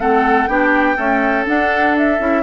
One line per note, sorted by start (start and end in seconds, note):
0.00 0.48 A3
0.00 0.49 C4
0.00 0.49 A4
0.00 0.47 F#5
0.47 0.97 B3
0.47 0.96 D4
0.47 0.97 G4
0.47 1.45 G5
0.96 1.45 A3
0.96 1.47 C#4
0.96 2.43 A4
1.45 2.18 D4
1.45 2.20 D4
1.45 1.97 F#5
1.98 2.43 E5
2.19 2.43 C#4
2.19 2.43 E4